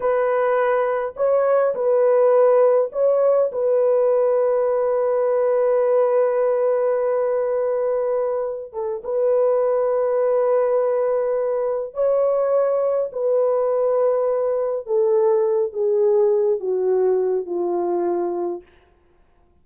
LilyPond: \new Staff \with { instrumentName = "horn" } { \time 4/4 \tempo 4 = 103 b'2 cis''4 b'4~ | b'4 cis''4 b'2~ | b'1~ | b'2. a'8 b'8~ |
b'1~ | b'8 cis''2 b'4.~ | b'4. a'4. gis'4~ | gis'8 fis'4. f'2 | }